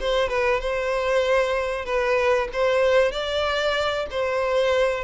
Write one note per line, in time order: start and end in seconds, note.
0.00 0.28 C5
0.28 0.60 B4
0.60 1.85 C5
1.85 2.48 B4
2.52 3.11 C5
3.11 4.06 D5
4.11 5.04 C5